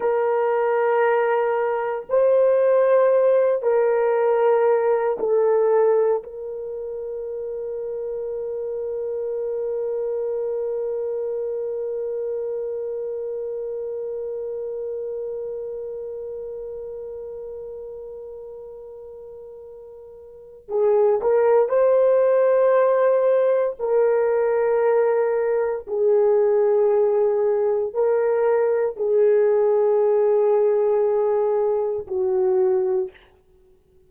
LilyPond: \new Staff \with { instrumentName = "horn" } { \time 4/4 \tempo 4 = 58 ais'2 c''4. ais'8~ | ais'4 a'4 ais'2~ | ais'1~ | ais'1~ |
ais'1 | gis'8 ais'8 c''2 ais'4~ | ais'4 gis'2 ais'4 | gis'2. fis'4 | }